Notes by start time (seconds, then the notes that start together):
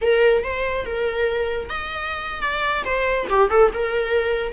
0.01 A#4
0.43 C5
0.85 A#4
1.69 D#5
2.41 D5
2.85 C5
3.29 G4
3.50 A4
3.73 A#4